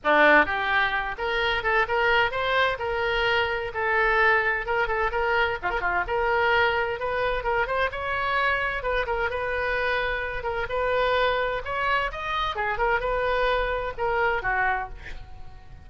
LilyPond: \new Staff \with { instrumentName = "oboe" } { \time 4/4 \tempo 4 = 129 d'4 g'4. ais'4 a'8 | ais'4 c''4 ais'2 | a'2 ais'8 a'8 ais'4 | f'16 ais'16 f'8 ais'2 b'4 |
ais'8 c''8 cis''2 b'8 ais'8 | b'2~ b'8 ais'8 b'4~ | b'4 cis''4 dis''4 gis'8 ais'8 | b'2 ais'4 fis'4 | }